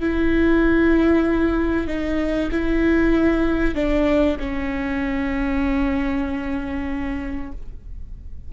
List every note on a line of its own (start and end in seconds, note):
0.00 1.87 E4
1.87 2.50 D#4
2.51 3.75 E4
3.75 4.37 D4
4.39 7.52 C#4